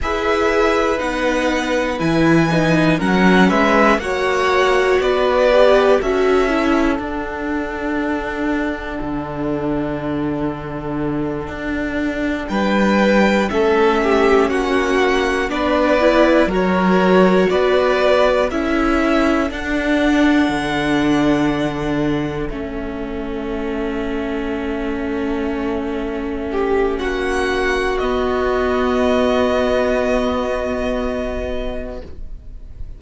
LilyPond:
<<
  \new Staff \with { instrumentName = "violin" } { \time 4/4 \tempo 4 = 60 e''4 fis''4 gis''4 fis''8 e''8 | fis''4 d''4 e''4 fis''4~ | fis''1~ | fis''8 g''4 e''4 fis''4 d''8~ |
d''8 cis''4 d''4 e''4 fis''8~ | fis''2~ fis''8 e''4.~ | e''2. fis''4 | dis''1 | }
  \new Staff \with { instrumentName = "violin" } { \time 4/4 b'2. ais'8 b'8 | cis''4 b'4 a'2~ | a'1~ | a'8 b'4 a'8 g'8 fis'4 b'8~ |
b'8 ais'4 b'4 a'4.~ | a'1~ | a'2~ a'8 g'8 fis'4~ | fis'1 | }
  \new Staff \with { instrumentName = "viola" } { \time 4/4 gis'4 dis'4 e'8 dis'8 cis'4 | fis'4. g'8 fis'8 e'8 d'4~ | d'1~ | d'4. cis'2 d'8 |
e'8 fis'2 e'4 d'8~ | d'2~ d'8 cis'4.~ | cis'1 | b1 | }
  \new Staff \with { instrumentName = "cello" } { \time 4/4 e'4 b4 e4 fis8 gis8 | ais4 b4 cis'4 d'4~ | d'4 d2~ d8 d'8~ | d'8 g4 a4 ais4 b8~ |
b8 fis4 b4 cis'4 d'8~ | d'8 d2 a4.~ | a2. ais4 | b1 | }
>>